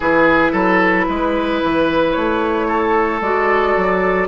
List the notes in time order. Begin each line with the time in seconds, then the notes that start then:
0.00 E3 E4 G#4 B4
0.52 F#3 A4
1.08 G#3 B4
1.63 E3
2.12 A3 C#5
2.67 A4
3.21 G#3 F#4 D5
3.76 F#3